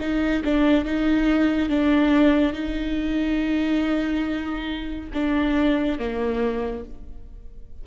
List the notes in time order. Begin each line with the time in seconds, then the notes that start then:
0.00 D#4
0.45 D4
0.85 D#4
1.69 D4
2.53 D#4
5.14 D4
5.99 A#3